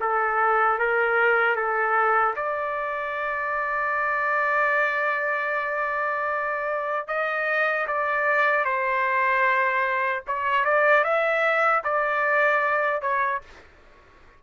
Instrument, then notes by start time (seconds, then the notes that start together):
trumpet
0.00 A4
0.79 A#4
1.55 A4
2.36 D5
7.07 D#5
7.87 D5
8.64 C5
10.27 C#5
10.64 D5
11.03 E5
11.83 D5
13.01 C#5